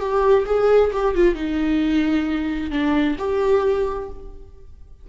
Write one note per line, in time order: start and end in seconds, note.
0.00 0.45 G4
0.46 0.91 G#4
0.93 1.15 G4
1.15 1.35 F4
1.35 2.71 D#4
2.71 3.17 D4
3.18 4.09 G4